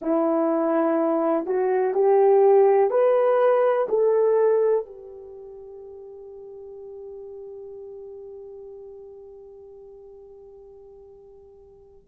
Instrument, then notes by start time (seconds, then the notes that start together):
horn
0.01 E4
1.46 F#4
1.94 G4
2.90 B4
3.88 A4
4.85 G4